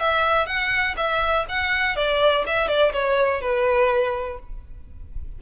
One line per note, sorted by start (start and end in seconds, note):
0.00 0.47 E5
0.47 0.96 F#5
0.97 1.46 E5
1.49 1.97 F#5
1.97 2.45 D5
2.47 2.69 E5
2.69 2.93 D5
2.93 3.42 C#5
3.42 4.39 B4